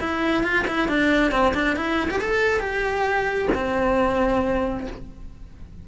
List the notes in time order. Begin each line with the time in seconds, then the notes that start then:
0.00 E4
0.43 F4
0.67 E4
0.88 D4
1.31 C4
1.54 D4
1.76 E4
2.10 G4
2.21 A4
2.60 G4
3.54 C4